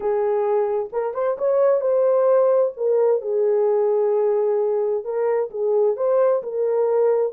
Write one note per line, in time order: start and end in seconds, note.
0.00 0.89 G#4
0.92 1.14 A#4
1.14 1.37 C5
1.37 1.80 C#5
1.80 2.72 C5
2.76 3.21 A#4
3.21 5.04 G#4
5.04 5.50 A#4
5.50 5.96 G#4
5.96 6.42 C5
6.42 7.33 A#4